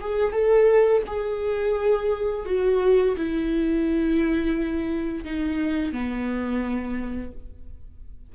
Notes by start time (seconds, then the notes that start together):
0.00 G#4
0.32 A4
1.07 G#4
2.45 F#4
3.16 E4
5.24 D#4
5.92 B3